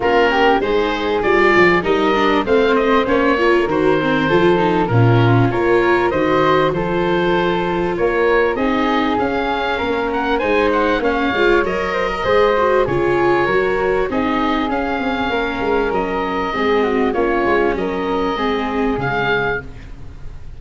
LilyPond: <<
  \new Staff \with { instrumentName = "oboe" } { \time 4/4 \tempo 4 = 98 ais'4 c''4 d''4 dis''4 | f''8 dis''8 cis''4 c''2 | ais'4 cis''4 dis''4 c''4~ | c''4 cis''4 dis''4 f''4~ |
f''8 fis''8 gis''8 fis''8 f''4 dis''4~ | dis''4 cis''2 dis''4 | f''2 dis''2 | cis''4 dis''2 f''4 | }
  \new Staff \with { instrumentName = "flute" } { \time 4/4 f'8 g'8 gis'2 ais'4 | c''4. ais'4. a'4 | f'4 ais'4 c''4 a'4~ | a'4 ais'4 gis'2 |
ais'4 c''4 cis''4. c''16 ais'16 | c''4 gis'4 ais'4 gis'4~ | gis'4 ais'2 gis'8 fis'8 | f'4 ais'4 gis'2 | }
  \new Staff \with { instrumentName = "viola" } { \time 4/4 cis'4 dis'4 f'4 dis'8 d'8 | c'4 cis'8 f'8 fis'8 c'8 f'8 dis'8 | cis'4 f'4 fis'4 f'4~ | f'2 dis'4 cis'4~ |
cis'4 dis'4 cis'8 f'8 ais'4 | gis'8 fis'8 f'4 fis'4 dis'4 | cis'2. c'4 | cis'2 c'4 gis4 | }
  \new Staff \with { instrumentName = "tuba" } { \time 4/4 ais4 gis4 g8 f8 g4 | a4 ais4 dis4 f4 | ais,4 ais4 dis4 f4~ | f4 ais4 c'4 cis'4 |
ais4 gis4 ais8 gis8 fis4 | gis4 cis4 fis4 c'4 | cis'8 c'8 ais8 gis8 fis4 gis4 | ais8 gis8 fis4 gis4 cis4 | }
>>